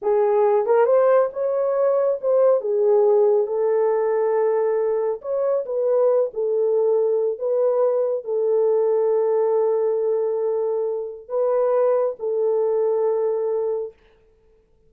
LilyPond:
\new Staff \with { instrumentName = "horn" } { \time 4/4 \tempo 4 = 138 gis'4. ais'8 c''4 cis''4~ | cis''4 c''4 gis'2 | a'1 | cis''4 b'4. a'4.~ |
a'4 b'2 a'4~ | a'1~ | a'2 b'2 | a'1 | }